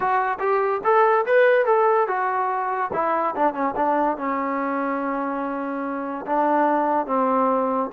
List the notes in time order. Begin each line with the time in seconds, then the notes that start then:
0.00 F#4
0.39 G4
0.84 A4
1.26 B4
1.65 A4
2.07 F#4
2.93 E4
3.35 D4
3.53 C#4
3.76 D4
4.17 C#4
6.26 D4
7.06 C4